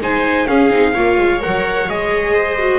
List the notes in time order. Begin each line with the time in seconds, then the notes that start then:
0.00 G#3 D#4 C5 G#5
0.47 C#4 G#4 F5
0.70 C4 D#4
0.93 A#3 F4 C#5
1.18 G#3
1.40 A#4 F#5
1.46 F#3
1.89 G#3 G#4 D#5
2.33 C5
2.59 F#4